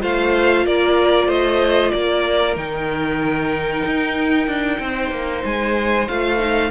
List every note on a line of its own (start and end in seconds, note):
0.00 0.65 A3
0.00 2.55 F4
0.00 0.65 C5
0.00 0.66 F5
0.65 1.28 A#3
0.65 1.27 A#4
0.65 1.30 D5
1.27 1.91 A3
1.27 1.91 C5
1.27 1.91 D#5
1.91 2.56 A#3
1.91 4.80 A#4
1.91 2.55 D5
2.55 3.84 D#3
2.55 6.07 D#4
2.55 5.43 G5
3.85 4.47 D#4
4.47 4.79 D4
4.79 5.11 C4
4.79 6.70 C5
5.11 5.43 A#3
5.45 6.09 G#3
5.45 6.08 G#5
6.08 6.70 A3
6.08 6.38 F4
6.08 6.70 F5
6.38 6.70 D#4